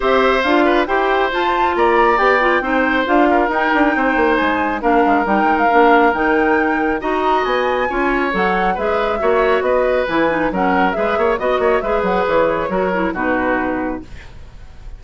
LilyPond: <<
  \new Staff \with { instrumentName = "flute" } { \time 4/4 \tempo 4 = 137 e''4 f''4 g''4 a''4 | ais''4 g''2 f''4 | g''2 gis''4 f''4 | g''8. f''4~ f''16 g''2 |
ais''4 gis''2 fis''4 | e''2 dis''4 gis''4 | fis''4 e''4 dis''4 e''8 fis''8 | cis''2 b'2 | }
  \new Staff \with { instrumentName = "oboe" } { \time 4/4 c''4. b'8 c''2 | d''2 c''4. ais'8~ | ais'4 c''2 ais'4~ | ais'1 |
dis''2 cis''2 | b'4 cis''4 b'2 | ais'4 b'8 cis''8 dis''8 cis''8 b'4~ | b'4 ais'4 fis'2 | }
  \new Staff \with { instrumentName = "clarinet" } { \time 4/4 g'4 f'4 g'4 f'4~ | f'4 g'8 f'8 dis'4 f'4 | dis'2. d'4 | dis'4 d'4 dis'2 |
fis'2 f'4 a'4 | gis'4 fis'2 e'8 dis'8 | cis'4 gis'4 fis'4 gis'4~ | gis'4 fis'8 e'8 dis'2 | }
  \new Staff \with { instrumentName = "bassoon" } { \time 4/4 c'4 d'4 e'4 f'4 | ais4 b4 c'4 d'4 | dis'8 d'8 c'8 ais8 gis4 ais8 gis8 | g8 gis8 ais4 dis2 |
dis'4 b4 cis'4 fis4 | gis4 ais4 b4 e4 | fis4 gis8 ais8 b8 ais8 gis8 fis8 | e4 fis4 b,2 | }
>>